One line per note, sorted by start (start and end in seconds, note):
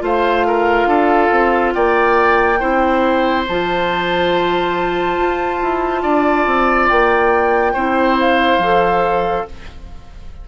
0.00 0.86 A3
0.00 2.57 F4
0.00 0.47 C5
0.00 1.73 F5
0.47 0.89 A#4
0.86 1.29 D4
0.86 1.74 A4
1.32 1.75 C4
1.73 2.62 A#3
1.73 2.60 D5
1.73 3.44 G5
2.60 3.47 C4
2.60 3.46 E4
2.60 6.03 C5
3.48 5.18 F3
3.48 7.77 F4
3.48 6.89 A5
5.18 5.61 F4
5.63 6.04 E4
6.03 6.47 D4
6.03 7.73 D5
6.47 6.90 C4
6.89 7.76 A#3
6.89 8.18 G5
7.73 8.59 C4
7.73 8.62 E4
7.73 9.45 C5
8.20 9.49 F5
8.59 9.44 F3
8.59 9.49 A4